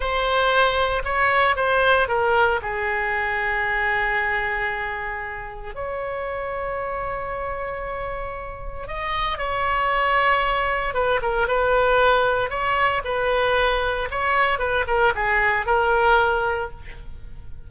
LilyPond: \new Staff \with { instrumentName = "oboe" } { \time 4/4 \tempo 4 = 115 c''2 cis''4 c''4 | ais'4 gis'2.~ | gis'2. cis''4~ | cis''1~ |
cis''4 dis''4 cis''2~ | cis''4 b'8 ais'8 b'2 | cis''4 b'2 cis''4 | b'8 ais'8 gis'4 ais'2 | }